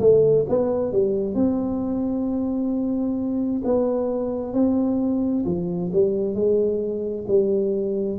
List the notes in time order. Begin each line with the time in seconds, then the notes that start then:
0.00 A3
0.49 B3
0.92 G3
1.35 C4
3.64 B3
4.54 C4
5.46 F3
5.93 G3
6.35 G#3
7.28 G3